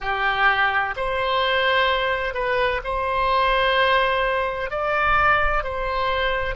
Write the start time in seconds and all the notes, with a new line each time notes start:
0.00 G4
0.96 C5
2.34 B4
2.84 C5
4.70 D5
5.63 C5